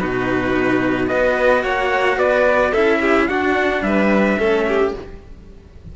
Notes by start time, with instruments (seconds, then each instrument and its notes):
0.00 cello B2 D#4, violin F#4, trumpet B4
1.08 cello B3 F#4, violin B4, trumpet D#5
1.63 cello A#3, violin C#5, trumpet F#5
2.17 cello B3, violin B4, trumpet D5
2.72 cello C#4 E4, violin A4, trumpet E5
3.01 violin G4
3.28 cello D4, violin F#4, trumpet F#5
3.82 cello G3, violin B4, trumpet E5
4.39 cello A3 C#4, violin A4
4.68 violin G4